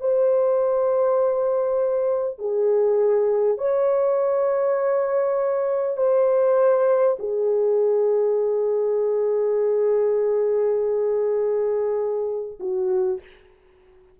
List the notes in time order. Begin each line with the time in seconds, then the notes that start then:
0.00 C5
2.38 G#4
3.58 C#5
5.97 C5
7.19 G#4
12.60 F#4